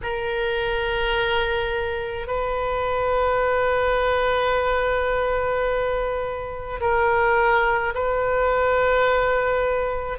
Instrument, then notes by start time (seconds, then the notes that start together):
oboe
0.03 A#4
2.26 B4
6.80 A#4
7.94 B4